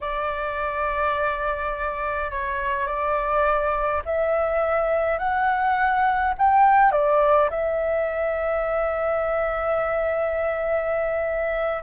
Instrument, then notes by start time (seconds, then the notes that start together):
flute
0.00 D5
2.31 C#5
2.86 D5
4.05 E5
5.18 F#5
6.37 G5
6.91 D5
7.50 E5